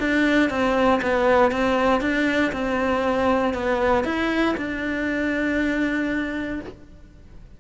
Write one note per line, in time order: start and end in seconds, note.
0.00 0.50 D4
0.50 1.01 C4
1.02 1.52 B3
1.52 2.01 C4
2.01 2.52 D4
2.52 3.54 C4
3.54 4.04 B3
4.04 4.55 E4
4.57 6.60 D4